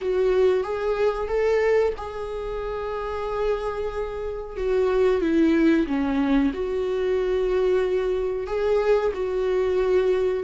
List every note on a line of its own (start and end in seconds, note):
0.01 0.63 F#4
0.63 1.28 G#4
1.28 1.93 A4
1.97 4.56 G#4
4.56 5.21 F#4
5.21 5.86 E4
5.87 6.52 C#4
6.53 8.46 F#4
8.46 9.12 G#4
9.14 10.43 F#4